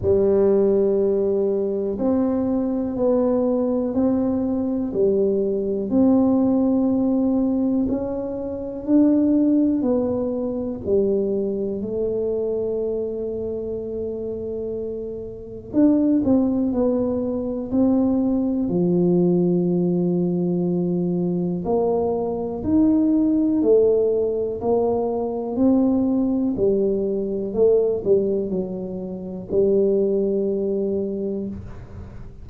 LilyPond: \new Staff \with { instrumentName = "tuba" } { \time 4/4 \tempo 4 = 61 g2 c'4 b4 | c'4 g4 c'2 | cis'4 d'4 b4 g4 | a1 |
d'8 c'8 b4 c'4 f4~ | f2 ais4 dis'4 | a4 ais4 c'4 g4 | a8 g8 fis4 g2 | }